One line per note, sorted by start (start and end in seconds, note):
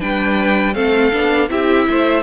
0.00 0.75 G3
0.00 0.74 D4
0.00 0.74 B4
0.00 0.74 G5
0.74 1.12 A3
0.74 1.11 C4
0.74 1.49 A4
0.74 1.48 F5
1.12 1.50 B3
1.12 1.49 D4
1.49 1.87 C4
1.49 2.23 E4
1.49 1.88 G4
1.49 2.23 E5
1.89 2.23 A3
1.89 2.23 C5